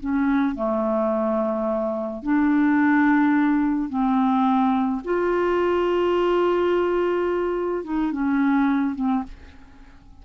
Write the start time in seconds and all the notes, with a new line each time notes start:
0.00 C#4
0.56 A3
2.23 D4
3.89 C4
5.04 F4
7.84 D#4
8.12 C#4
8.95 C4